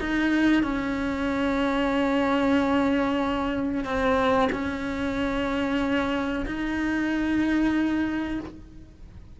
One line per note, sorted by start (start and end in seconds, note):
0.00 0.63 D#4
0.63 3.84 C#4
3.84 4.49 C4
4.52 6.46 C#4
6.46 8.40 D#4